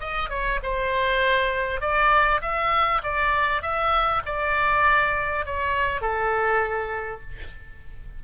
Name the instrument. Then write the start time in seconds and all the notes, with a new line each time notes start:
oboe
0.00 D#5
0.30 C#5
0.63 C5
1.81 D5
2.42 E5
3.03 D5
3.62 E5
4.25 D5
5.46 C#5
6.01 A4